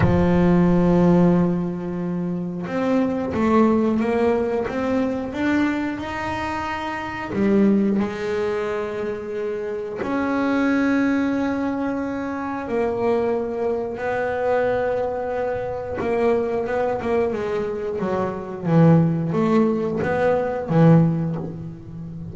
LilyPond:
\new Staff \with { instrumentName = "double bass" } { \time 4/4 \tempo 4 = 90 f1 | c'4 a4 ais4 c'4 | d'4 dis'2 g4 | gis2. cis'4~ |
cis'2. ais4~ | ais4 b2. | ais4 b8 ais8 gis4 fis4 | e4 a4 b4 e4 | }